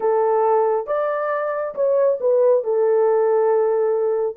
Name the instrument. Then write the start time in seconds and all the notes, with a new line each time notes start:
horn
0.00 A4
0.86 D5
1.75 C#5
2.20 B4
2.63 A4